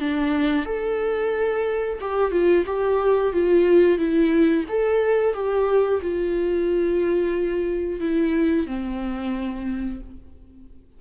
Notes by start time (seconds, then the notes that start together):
0.00 D4
0.66 A4
2.01 G4
2.32 F4
2.66 G4
3.33 F4
3.98 E4
4.69 A4
5.34 G4
6.02 F4
8.00 E4
8.67 C4